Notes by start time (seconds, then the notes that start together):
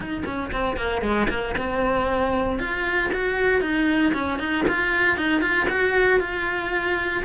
0.00 D#4
0.25 C#4
0.52 C4
0.76 A#3
1.01 G#3
1.29 A#3
1.57 C4
2.59 F4
3.12 F#4
3.61 D#4
4.13 C#4
4.39 D#4
4.68 F4
5.17 D#4
5.41 F4
5.69 F#4
6.20 F4